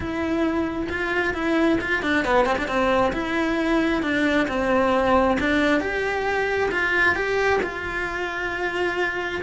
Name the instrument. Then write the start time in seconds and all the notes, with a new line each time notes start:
cello
0.00 E4
0.89 F4
1.34 E4
1.80 F4
2.02 D4
2.24 B3
2.45 C4
2.58 D4
2.67 C4
3.12 E4
4.02 D4
4.48 C4
5.40 D4
5.80 G4
6.71 F4
7.15 G4
7.62 F4